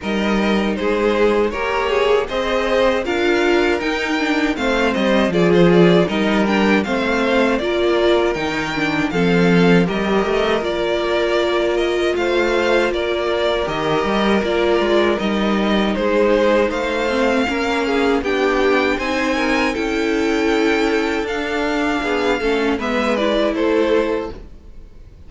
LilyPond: <<
  \new Staff \with { instrumentName = "violin" } { \time 4/4 \tempo 4 = 79 dis''4 c''4 ais'8 gis'8 dis''4 | f''4 g''4 f''8 dis''8 d''16 c''16 d''8 | dis''8 g''8 f''4 d''4 g''4 | f''4 dis''4 d''4. dis''8 |
f''4 d''4 dis''4 d''4 | dis''4 c''4 f''2 | g''4 gis''4 g''2 | f''2 e''8 d''8 c''4 | }
  \new Staff \with { instrumentName = "violin" } { \time 4/4 ais'4 gis'4 cis''4 c''4 | ais'2 c''4 gis'4 | ais'4 c''4 ais'2 | a'4 ais'2. |
c''4 ais'2.~ | ais'4 gis'4 c''4 ais'8 gis'8 | g'4 c''8 ais'8 a'2~ | a'4 gis'8 a'8 b'4 a'4 | }
  \new Staff \with { instrumentName = "viola" } { \time 4/4 dis'2 g'4 gis'4 | f'4 dis'8 d'8 c'4 f'4 | dis'8 d'8 c'4 f'4 dis'8 d'8 | c'4 g'4 f'2~ |
f'2 g'4 f'4 | dis'2~ dis'8 c'8 cis'4 | d'4 dis'4 e'2 | d'4. cis'8 b8 e'4. | }
  \new Staff \with { instrumentName = "cello" } { \time 4/4 g4 gis4 ais4 c'4 | d'4 dis'4 a8 g8 f4 | g4 a4 ais4 dis4 | f4 g8 a8 ais2 |
a4 ais4 dis8 g8 ais8 gis8 | g4 gis4 a4 ais4 | b4 c'4 cis'2 | d'4 b8 a8 gis4 a4 | }
>>